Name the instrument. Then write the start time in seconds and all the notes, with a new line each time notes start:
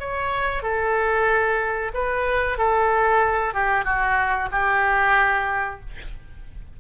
oboe
0.00 C#5
0.63 A4
1.94 B4
2.58 A4
3.54 G4
3.85 F#4
4.51 G4